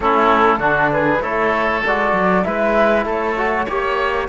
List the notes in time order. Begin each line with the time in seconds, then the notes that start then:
0.00 A3 C#4 E4 A4
0.58 D3 D4 F#4
0.92 G#4 B4
1.21 A3 E4 A4 C#5
1.85 G#3 F#4 D5
2.12 F#3
2.44 G#3 E4 B4 E5
3.05 A3 A4 C#5
3.36 F#4
3.65 A#3 G4 C#5